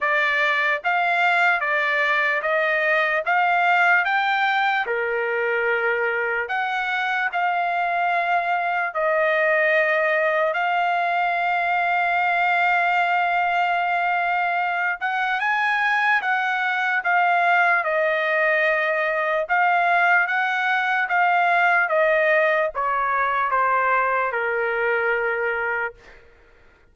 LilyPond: \new Staff \with { instrumentName = "trumpet" } { \time 4/4 \tempo 4 = 74 d''4 f''4 d''4 dis''4 | f''4 g''4 ais'2 | fis''4 f''2 dis''4~ | dis''4 f''2.~ |
f''2~ f''8 fis''8 gis''4 | fis''4 f''4 dis''2 | f''4 fis''4 f''4 dis''4 | cis''4 c''4 ais'2 | }